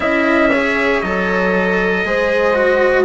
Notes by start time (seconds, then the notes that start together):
0.00 C#4 E4 D#5 E5
0.50 G#4 C#5
1.00 F#3 A4 D#5
2.04 G#3 G#4 C5
2.54 F#4